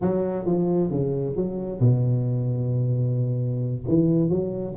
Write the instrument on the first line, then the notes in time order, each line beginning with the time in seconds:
tuba
0.01 F#3
0.45 F3
0.90 C#3
1.36 F#3
1.80 B2
3.88 E3
4.29 F#3